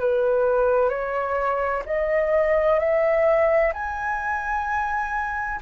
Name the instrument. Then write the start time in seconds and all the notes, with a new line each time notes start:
flute
0.00 B4
0.89 C#5
1.86 D#5
2.80 E5
3.74 G#5